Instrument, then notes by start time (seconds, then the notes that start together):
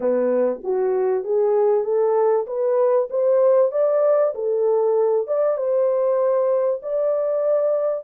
horn
0.00 B3
0.63 F#4
1.23 G#4
1.84 A4
2.46 B4
3.10 C5
3.71 D5
4.34 A4
5.27 D5
5.57 C5
6.82 D5